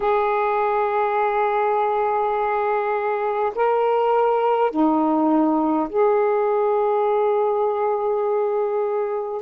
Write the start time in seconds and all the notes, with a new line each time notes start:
0.00 G#4
3.55 A#4
4.71 D#4
5.89 G#4